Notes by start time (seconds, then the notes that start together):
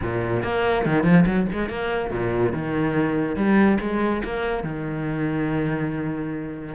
0.01 A#2
0.43 A#3
0.85 D#3
1.03 F3
1.26 F#3
1.52 G#3
1.69 A#3
2.10 A#2
2.53 D#3
3.36 G3
3.80 G#3
4.24 A#3
4.63 D#3